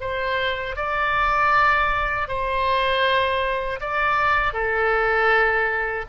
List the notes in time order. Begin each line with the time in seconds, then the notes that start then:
0.00 C5
0.76 D5
2.28 C5
3.80 D5
4.53 A4